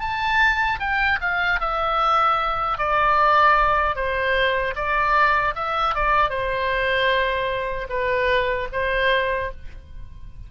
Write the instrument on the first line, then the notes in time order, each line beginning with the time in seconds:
oboe
0.00 A5
0.80 G5
1.21 F5
1.60 E5
2.78 D5
3.95 C5
4.75 D5
5.55 E5
5.94 D5
6.29 C5
7.89 B4
8.72 C5